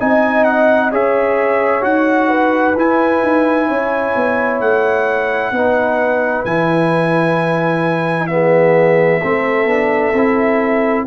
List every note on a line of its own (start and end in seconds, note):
0.00 0.93 C4
0.00 0.92 D#4
0.00 0.92 D#5
0.00 0.44 G#5
0.44 0.90 F#5
0.92 1.83 C#4
0.92 1.82 G#4
0.92 2.28 C#5
0.92 1.84 E5
1.82 2.75 D#4
1.82 2.74 F#4
1.82 2.76 F#5
2.28 3.67 B4
2.76 3.22 E4
2.76 5.54 E4
2.76 4.60 G#5
3.23 3.68 D#4
3.68 4.15 C#4
3.68 5.52 C#5
4.16 4.60 B3
4.60 5.51 A3
4.60 6.45 F#5
5.51 6.43 B3
5.51 6.47 D#4
5.51 8.30 B4
6.45 9.22 E3
6.45 8.29 E4
6.45 8.27 G#5
8.27 9.21 B3
8.27 9.20 G#4
8.27 11.04 E5
9.20 9.65 A3
9.20 9.67 C4
9.20 11.05 A4
9.65 10.11 B3
9.65 10.13 D4
10.13 11.06 C4
10.13 11.07 E4